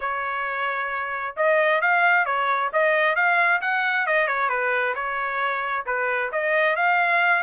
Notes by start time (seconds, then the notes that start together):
0.00 C#5
1.36 D#5
1.81 F5
2.25 C#5
2.73 D#5
3.15 F5
3.61 F#5
4.06 D#5
4.27 C#5
4.49 B4
4.95 C#5
5.86 B4
6.32 D#5
6.76 F5